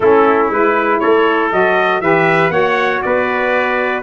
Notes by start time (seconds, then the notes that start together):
0.00 A3 C#4 E4 A4
0.49 G#3 E4 B4
0.99 A3 A4 C#5
1.51 F#3 F#4 D#5
2.01 E3 G4 B4 E5
2.50 A#3 F#4 C#5 F#5
3.02 B3 B4 D5